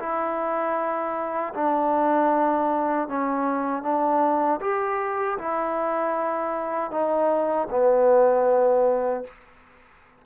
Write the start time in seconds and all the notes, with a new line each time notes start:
0.00 E4
1.55 D4
3.09 C#4
3.83 D4
4.61 G4
5.39 E4
6.92 D#4
7.71 B3